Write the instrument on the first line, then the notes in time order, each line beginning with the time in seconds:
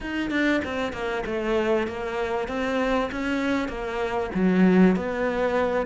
cello
0.01 D#4
0.30 D4
0.64 C4
0.92 A#3
1.26 A3
1.87 A#3
2.47 C4
3.11 C#4
3.68 A#3
4.34 F#3
4.96 B3